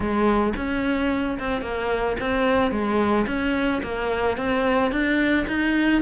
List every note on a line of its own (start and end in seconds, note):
0.00 0.53 G#3
0.56 1.38 C#4
1.39 1.61 C4
1.61 2.16 A#3
2.20 2.71 C4
2.71 3.26 G#3
3.27 3.81 C#4
3.83 4.37 A#3
4.37 4.91 C4
4.91 5.45 D4
5.47 6.01 D#4